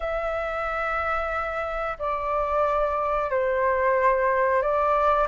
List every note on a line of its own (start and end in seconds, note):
0.00 1.97 E5
1.98 3.30 D5
3.30 4.62 C5
4.62 5.27 D5